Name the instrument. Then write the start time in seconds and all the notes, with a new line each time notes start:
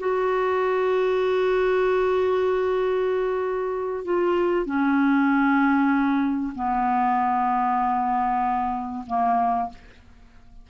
clarinet
0.00 F#4
4.05 F4
4.66 C#4
6.55 B3
9.07 A#3